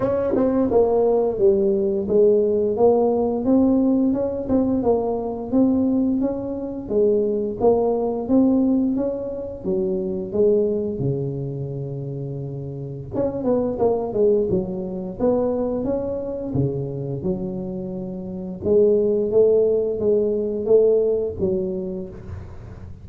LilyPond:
\new Staff \with { instrumentName = "tuba" } { \time 4/4 \tempo 4 = 87 cis'8 c'8 ais4 g4 gis4 | ais4 c'4 cis'8 c'8 ais4 | c'4 cis'4 gis4 ais4 | c'4 cis'4 fis4 gis4 |
cis2. cis'8 b8 | ais8 gis8 fis4 b4 cis'4 | cis4 fis2 gis4 | a4 gis4 a4 fis4 | }